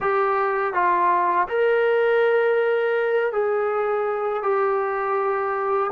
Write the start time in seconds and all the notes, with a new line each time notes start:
0.00 G4
0.73 F4
1.48 A#4
3.32 G#4
4.42 G4